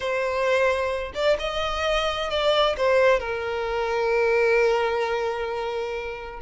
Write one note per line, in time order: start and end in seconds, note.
0.00 1.12 C5
1.14 1.37 D5
1.39 2.30 D#5
2.30 2.75 D5
2.77 3.19 C5
3.19 6.40 A#4